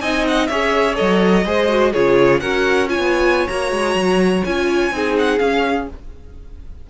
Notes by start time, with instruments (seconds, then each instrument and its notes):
0.00 cello C4, viola D#4, violin D#5 G#5
0.27 violin F#5
0.47 cello C#4, viola G#4, violin C#5 E5
0.95 cello F#3, viola A4, violin D#5
1.45 cello G#3, viola G#4, violin C5
1.69 viola F#4
1.92 cello C#3, viola F4, violin G#4 C#5
2.40 cello C#4, viola F#4, violin A#4 F#5
2.87 viola F4, violin C#5 G#5
2.98 cello B3
3.48 cello A#3, viola F#4, violin A#5
3.71 cello G#3
3.94 cello F#3
4.44 cello C#4, viola F4, violin G#5
4.91 cello C4, viola D#4, violin G#4
5.18 violin F#5
5.38 viola C#4, cello C#4, violin F5